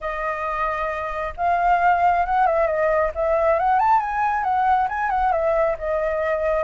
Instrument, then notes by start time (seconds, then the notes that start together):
flute
0.00 D#5
1.36 F5
2.25 F#5
2.46 E5
2.66 D#5
3.15 E5
3.59 F#5
3.79 A5
4.00 G#5
4.43 F#5
4.88 G#5
5.10 F#5
5.32 E5
5.78 D#5